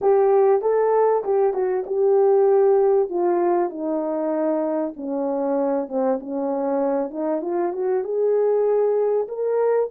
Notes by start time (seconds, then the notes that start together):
0.01 G4
0.61 A4
1.24 G4
1.53 F#4
1.86 G4
3.09 F4
3.69 D#4
4.96 C#4
5.88 C4
6.20 C#4
7.10 D#4
7.41 F4
7.73 F#4
8.04 G#4
9.28 A#4